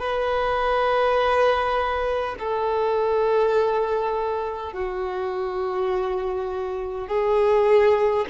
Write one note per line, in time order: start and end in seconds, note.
0.00 2.35 B4
2.39 4.73 A4
4.73 7.07 F#4
7.07 8.25 G#4